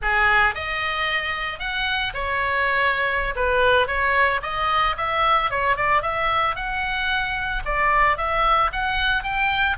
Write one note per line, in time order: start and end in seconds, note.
0.02 0.54 G#4
0.54 1.59 D#5
1.59 2.13 F#5
2.14 3.34 C#5
3.35 3.87 B4
3.87 4.41 C#5
4.42 4.96 D#5
4.97 5.50 E5
5.50 5.76 C#5
5.76 6.02 D5
6.02 6.55 E5
6.55 7.62 F#5
7.65 8.17 D5
8.17 8.71 E5
8.72 9.23 F#5
9.23 9.76 G5